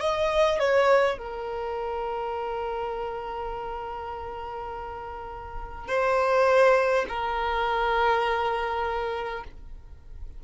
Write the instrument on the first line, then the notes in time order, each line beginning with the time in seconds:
violin
0.00 D#5
0.59 C#5
1.18 A#4
5.88 C5
7.09 A#4